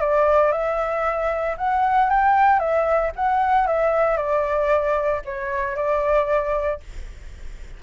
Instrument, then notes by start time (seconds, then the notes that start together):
flute
0.00 D5
0.52 E5
1.57 F#5
2.10 G5
2.59 E5
3.16 F#5
3.67 E5
4.17 D5
5.25 C#5
5.76 D5